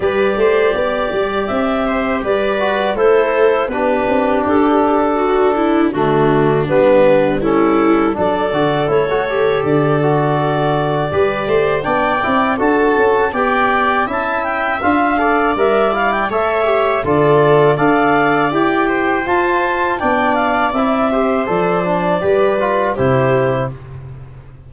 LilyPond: <<
  \new Staff \with { instrumentName = "clarinet" } { \time 4/4 \tempo 4 = 81 d''2 e''4 d''4 | c''4 b'4 a'2 | fis'4 b'4 a'4 d''4 | cis''4 d''2. |
g''4 a''4 g''4 a''8 g''8 | f''4 e''8 f''16 g''16 e''4 d''4 | f''4 g''4 a''4 g''8 f''8 | e''4 d''2 c''4 | }
  \new Staff \with { instrumentName = "viola" } { \time 4/4 b'8 c''8 d''4. c''8 b'4 | a'4 g'2 fis'8 e'8 | d'2 e'4 a'4~ | a'2. b'8 c''8 |
d''4 a'4 d''4 e''4~ | e''8 d''4. cis''4 a'4 | d''4. c''4. d''4~ | d''8 c''4. b'4 g'4 | }
  \new Staff \with { instrumentName = "trombone" } { \time 4/4 g'2.~ g'8 fis'8 | e'4 d'2. | a4 b4 cis'4 d'8 fis'8 | e'16 fis'16 g'4 fis'4. g'4 |
d'8 e'8 fis'4 g'4 e'4 | f'8 a'8 ais'8 e'8 a'8 g'8 f'4 | a'4 g'4 f'4 d'4 | e'8 g'8 a'8 d'8 g'8 f'8 e'4 | }
  \new Staff \with { instrumentName = "tuba" } { \time 4/4 g8 a8 b8 g8 c'4 g4 | a4 b8 c'8 d'2 | d4 g2 fis8 d8 | a4 d2 g8 a8 |
b8 c'8 d'8 cis'8 b4 cis'4 | d'4 g4 a4 d4 | d'4 e'4 f'4 b4 | c'4 f4 g4 c4 | }
>>